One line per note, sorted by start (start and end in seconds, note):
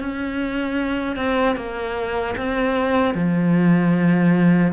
0.00 1.16 C#4
1.16 1.56 C4
1.56 2.35 A#3
2.37 3.15 C4
3.15 4.73 F3